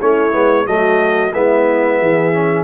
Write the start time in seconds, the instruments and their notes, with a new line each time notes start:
0.00 tuba A3, trombone C#4, horn E4, trumpet C#5
0.32 tuba G#3, trombone B3
0.66 tuba F#3, trombone A3, horn F#4, trumpet D#5
1.34 tuba G#3, trombone B3, horn E4, trumpet E5
2.00 tuba E3, horn G#4
2.33 trombone C#4